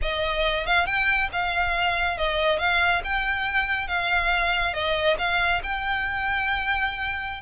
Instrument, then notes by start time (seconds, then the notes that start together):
violin
0.02 D#5
0.66 F5
0.86 G5
1.32 F5
2.17 D#5
2.58 F5
3.03 G5
3.87 F5
4.73 D#5
5.18 F5
5.63 G5